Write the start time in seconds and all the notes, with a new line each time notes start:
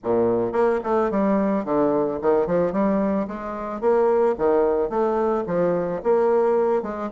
0.03 A#2
0.52 A#3
0.83 A3
1.11 G3
1.64 D3
2.21 D#3
2.47 F3
2.72 G3
3.27 G#3
3.80 A#3
4.38 D#3
4.89 A3
5.47 F3
6.03 A#3
6.82 G#3